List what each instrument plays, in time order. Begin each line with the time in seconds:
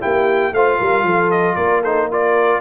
0.00 tuba A#3, trombone E4, horn G4, trumpet G5
0.52 tuba A3, trombone F4, horn C5, trumpet F5
0.78 tuba G3, horn A#4
1.03 tuba F3, horn A4
1.31 trumpet D#5
1.55 tuba A#3, horn A#4, trumpet D5
1.82 trombone D#4, horn A4, trumpet C5
2.09 trombone F4, horn A#4, trumpet D5